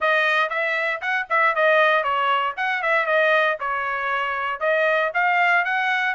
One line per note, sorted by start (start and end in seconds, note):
0.00 0.49 D#5
0.49 1.00 E5
1.01 1.26 F#5
1.29 1.55 E5
1.55 2.03 D#5
2.03 2.54 C#5
2.56 2.82 F#5
2.82 3.05 E5
3.05 3.57 D#5
3.60 4.60 C#5
4.60 5.11 D#5
5.14 5.64 F5
5.64 6.14 F#5